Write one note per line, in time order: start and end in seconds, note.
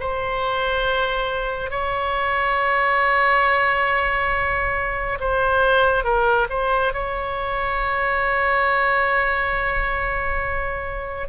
0.00 1.70 C5
1.70 5.18 C#5
5.20 6.04 C5
6.04 6.47 A#4
6.49 6.93 C5
6.93 11.28 C#5